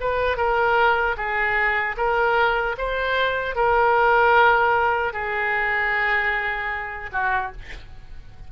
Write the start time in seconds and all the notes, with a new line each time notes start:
0.00 B4
0.37 A#4
1.17 G#4
1.97 A#4
2.78 C5
3.55 A#4
5.13 G#4
7.12 F#4